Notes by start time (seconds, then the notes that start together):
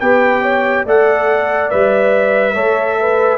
0.00 B3 G4 B4 G5
0.42 C#5
0.85 A3 A4 D5 F#5
1.70 G3 B4 E5
2.54 A3 A4 C#5
2.99 B4